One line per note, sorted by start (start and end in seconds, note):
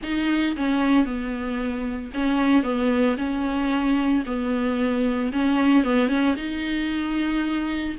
0.03 0.56 D#4
0.56 1.05 C#4
1.05 2.11 B3
2.14 2.63 C#4
2.63 3.16 B3
3.17 4.23 C#4
4.26 5.32 B3
5.32 5.84 C#4
5.84 6.08 B3
6.08 6.35 C#4
6.36 7.95 D#4